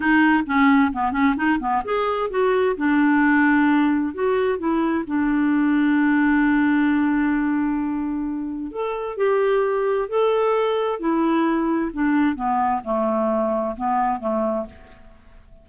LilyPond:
\new Staff \with { instrumentName = "clarinet" } { \time 4/4 \tempo 4 = 131 dis'4 cis'4 b8 cis'8 dis'8 b8 | gis'4 fis'4 d'2~ | d'4 fis'4 e'4 d'4~ | d'1~ |
d'2. a'4 | g'2 a'2 | e'2 d'4 b4 | a2 b4 a4 | }